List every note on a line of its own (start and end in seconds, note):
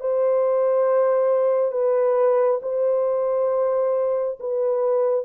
0.00 1.72 C5
1.72 2.60 B4
2.62 4.38 C5
4.40 5.25 B4